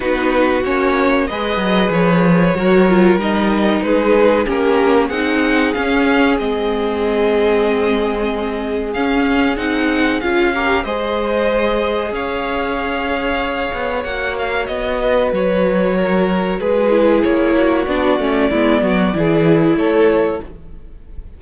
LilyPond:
<<
  \new Staff \with { instrumentName = "violin" } { \time 4/4 \tempo 4 = 94 b'4 cis''4 dis''4 cis''4~ | cis''4 dis''4 b'4 ais'4 | fis''4 f''4 dis''2~ | dis''2 f''4 fis''4 |
f''4 dis''2 f''4~ | f''2 fis''8 f''8 dis''4 | cis''2 b'4 cis''4 | d''2. cis''4 | }
  \new Staff \with { instrumentName = "violin" } { \time 4/4 fis'2 b'2 | ais'2 gis'4 g'4 | gis'1~ | gis'1~ |
gis'8 ais'8 c''2 cis''4~ | cis''2.~ cis''8 b'8~ | b'4 ais'4 gis'4. fis'8~ | fis'4 e'8 fis'8 gis'4 a'4 | }
  \new Staff \with { instrumentName = "viola" } { \time 4/4 dis'4 cis'4 gis'2 | fis'8 f'8 dis'2 cis'4 | dis'4 cis'4 c'2~ | c'2 cis'4 dis'4 |
f'8 g'8 gis'2.~ | gis'2 fis'2~ | fis'2~ fis'8 e'4. | d'8 cis'8 b4 e'2 | }
  \new Staff \with { instrumentName = "cello" } { \time 4/4 b4 ais4 gis8 fis8 f4 | fis4 g4 gis4 ais4 | c'4 cis'4 gis2~ | gis2 cis'4 c'4 |
cis'4 gis2 cis'4~ | cis'4. b8 ais4 b4 | fis2 gis4 ais4 | b8 a8 gis8 fis8 e4 a4 | }
>>